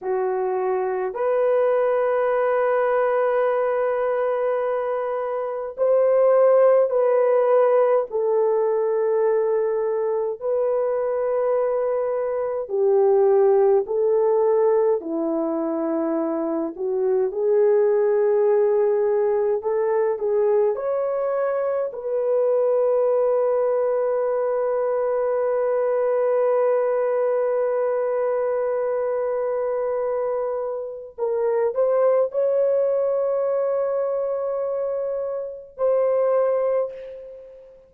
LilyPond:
\new Staff \with { instrumentName = "horn" } { \time 4/4 \tempo 4 = 52 fis'4 b'2.~ | b'4 c''4 b'4 a'4~ | a'4 b'2 g'4 | a'4 e'4. fis'8 gis'4~ |
gis'4 a'8 gis'8 cis''4 b'4~ | b'1~ | b'2. ais'8 c''8 | cis''2. c''4 | }